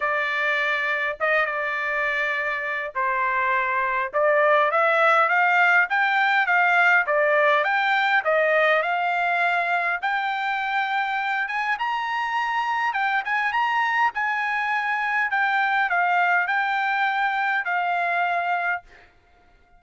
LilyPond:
\new Staff \with { instrumentName = "trumpet" } { \time 4/4 \tempo 4 = 102 d''2 dis''8 d''4.~ | d''4 c''2 d''4 | e''4 f''4 g''4 f''4 | d''4 g''4 dis''4 f''4~ |
f''4 g''2~ g''8 gis''8 | ais''2 g''8 gis''8 ais''4 | gis''2 g''4 f''4 | g''2 f''2 | }